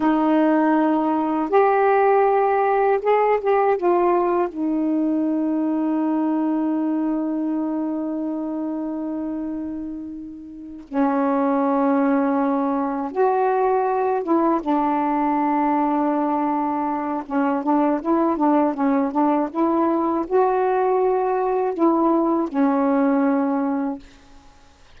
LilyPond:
\new Staff \with { instrumentName = "saxophone" } { \time 4/4 \tempo 4 = 80 dis'2 g'2 | gis'8 g'8 f'4 dis'2~ | dis'1~ | dis'2~ dis'8 cis'4.~ |
cis'4. fis'4. e'8 d'8~ | d'2. cis'8 d'8 | e'8 d'8 cis'8 d'8 e'4 fis'4~ | fis'4 e'4 cis'2 | }